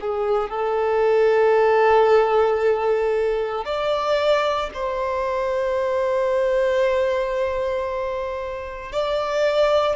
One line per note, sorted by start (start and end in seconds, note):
0.00 0.50 G#4
0.50 3.65 A4
3.65 4.70 D5
4.73 8.92 C5
8.92 9.96 D5